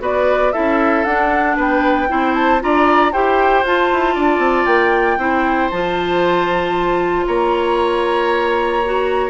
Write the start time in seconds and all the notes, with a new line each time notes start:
0.00 B3 F#4 B4 D5
0.52 C#4 E4 A4 E5
1.04 D4 F#5
1.56 B3 B4 G5
2.08 C4 E4 C5
2.34 A5
2.60 D4 F4 D5 A#5
3.12 E4 G4 C5 G5
3.62 F4 A5
3.92 E4
4.15 D4 D5
4.38 C4
4.66 A#3 G5
5.17 C4 E4 C5
5.70 F3 F4 A5
7.26 A#3 C#5 A#5
8.85 F#4